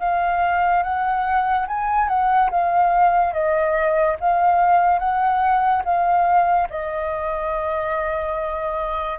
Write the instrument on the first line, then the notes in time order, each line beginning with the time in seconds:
flute
0.00 F5
0.83 F#5
1.68 G#5
2.08 F#5
2.51 F5
3.33 D#5
4.20 F5
4.99 F#5
5.85 F5
6.70 D#5